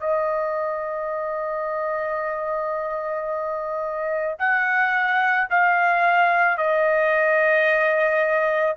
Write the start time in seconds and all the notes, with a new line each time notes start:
0.00 D#5
4.39 F#5
5.50 F5
6.58 D#5